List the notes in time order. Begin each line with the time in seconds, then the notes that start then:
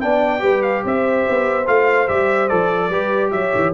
0.00 B3 D4 D5 G5
0.39 G3 G4 B4
0.62 F5
0.84 C4 C5 E5
1.29 B3
1.66 A3 F4 F5
2.08 G3 G4 E5
2.48 F3 A4 D5
2.89 G3 G4 B4
3.31 F#3 C#5 E5
3.55 E3